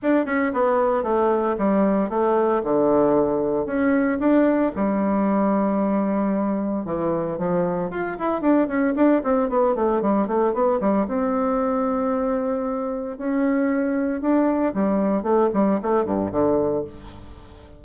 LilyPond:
\new Staff \with { instrumentName = "bassoon" } { \time 4/4 \tempo 4 = 114 d'8 cis'8 b4 a4 g4 | a4 d2 cis'4 | d'4 g2.~ | g4 e4 f4 f'8 e'8 |
d'8 cis'8 d'8 c'8 b8 a8 g8 a8 | b8 g8 c'2.~ | c'4 cis'2 d'4 | g4 a8 g8 a8 g,8 d4 | }